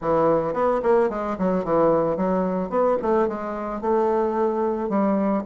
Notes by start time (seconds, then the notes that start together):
0.01 E3
0.53 B3
0.82 A#3
1.09 G#3
1.38 F#3
1.64 E3
2.17 F#3
2.69 B3
3.01 A3
3.28 G#3
3.81 A3
4.89 G3